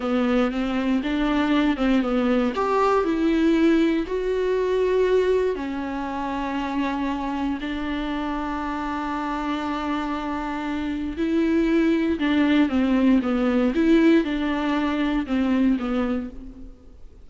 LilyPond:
\new Staff \with { instrumentName = "viola" } { \time 4/4 \tempo 4 = 118 b4 c'4 d'4. c'8 | b4 g'4 e'2 | fis'2. cis'4~ | cis'2. d'4~ |
d'1~ | d'2 e'2 | d'4 c'4 b4 e'4 | d'2 c'4 b4 | }